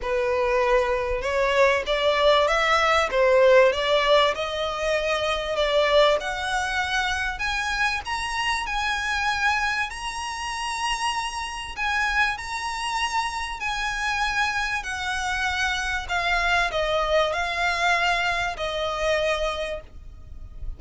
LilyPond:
\new Staff \with { instrumentName = "violin" } { \time 4/4 \tempo 4 = 97 b'2 cis''4 d''4 | e''4 c''4 d''4 dis''4~ | dis''4 d''4 fis''2 | gis''4 ais''4 gis''2 |
ais''2. gis''4 | ais''2 gis''2 | fis''2 f''4 dis''4 | f''2 dis''2 | }